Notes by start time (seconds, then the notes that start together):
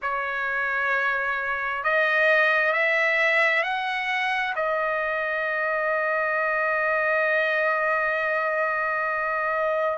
0.02 C#5
1.83 D#5
2.73 E5
3.63 F#5
4.55 D#5